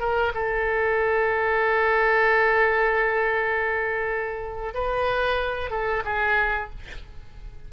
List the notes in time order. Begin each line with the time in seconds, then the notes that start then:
0.00 A#4
0.35 A4
4.74 B4
5.71 A4
6.05 G#4